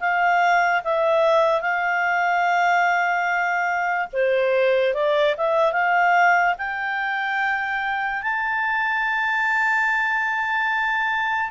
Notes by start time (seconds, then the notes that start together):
0.00 F5
0.84 E5
1.61 F5
4.12 C5
4.94 D5
5.37 E5
5.72 F5
6.58 G5
8.22 A5